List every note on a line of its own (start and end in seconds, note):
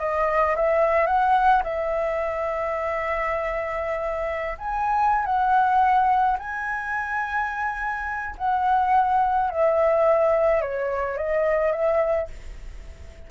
0.00 0.56 D#5
0.56 1.07 E5
1.07 1.63 F#5
1.64 4.58 E5
4.59 5.26 G#5
5.26 6.38 F#5
6.40 8.36 G#5
8.38 9.50 F#5
9.50 10.62 E5
10.62 11.18 C#5
11.18 11.72 D#5
11.72 12.29 E5